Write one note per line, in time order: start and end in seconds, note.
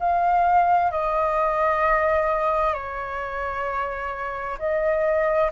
0.00 0.91 F5
0.91 2.74 D#5
2.74 4.58 C#5
4.59 5.51 D#5